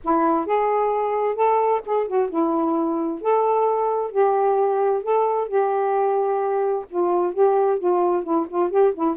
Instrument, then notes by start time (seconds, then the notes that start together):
saxophone
0.03 E4
0.45 G#4
1.35 A4
1.85 G#4
2.07 F#4
2.29 E4
3.21 A4
4.11 G4
5.02 A4
5.48 G4
6.90 F4
7.33 G4
7.78 F4
8.23 E4
8.48 F4
8.70 G4
8.94 E4